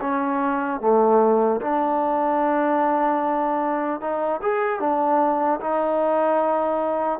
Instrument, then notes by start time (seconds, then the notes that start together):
trombone
0.00 C#4
0.80 A3
1.61 D4
4.00 D#4
4.41 G#4
4.80 D4
5.60 D#4